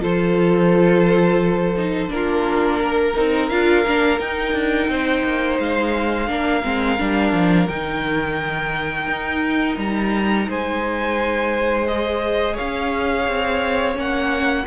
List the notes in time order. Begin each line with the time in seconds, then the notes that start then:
0.00 F3 F4 A4 C5
1.77 D#4
2.08 A#3 D4 A#4
2.15 F4
2.81 A#4
3.16 C4 D#4
3.49 D4 F4 F5
3.86 A#3 D4
4.19 D#4 G5
4.53 D4
4.88 C4 C5
5.24 A#3
5.59 G#3 F5
6.28 A#3 D4 A#4
6.63 G#3 C4
6.98 G3 D4
7.33 F3
7.68 D#3 D#4 G5
9.07 D#4
9.77 G3 A#5
10.48 G#3 C5 G#5
11.87 G#4 D#5
12.54 C#4 C#5 F5
13.28 C4
13.94 A#3 C#4 F#5